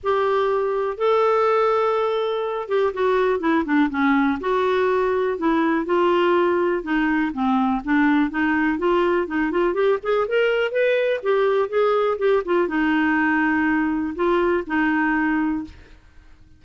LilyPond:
\new Staff \with { instrumentName = "clarinet" } { \time 4/4 \tempo 4 = 123 g'2 a'2~ | a'4. g'8 fis'4 e'8 d'8 | cis'4 fis'2 e'4 | f'2 dis'4 c'4 |
d'4 dis'4 f'4 dis'8 f'8 | g'8 gis'8 ais'4 b'4 g'4 | gis'4 g'8 f'8 dis'2~ | dis'4 f'4 dis'2 | }